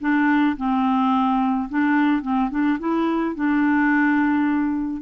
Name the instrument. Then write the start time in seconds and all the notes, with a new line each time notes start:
clarinet
0.00 D4
0.56 C4
1.69 D4
2.21 C4
2.50 D4
2.79 E4
3.35 D4